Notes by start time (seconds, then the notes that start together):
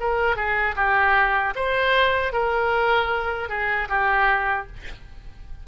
0.00 A#4
0.36 G#4
0.76 G4
1.56 C5
2.33 A#4
3.49 G#4
3.89 G4